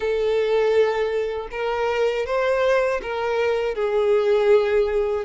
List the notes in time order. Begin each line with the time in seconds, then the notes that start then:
0.00 A4
1.51 A#4
2.25 C5
3.02 A#4
3.75 G#4